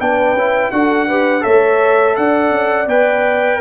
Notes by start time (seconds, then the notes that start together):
0.00 B3 D4 B4 G5
0.33 C#4 E4
0.71 D4 F#4 A4 F#5
1.07 G4 B4
1.41 A3 A4 C#5 E5
2.16 D4 D5 F#5
2.51 C#4
2.87 B3 B4 G5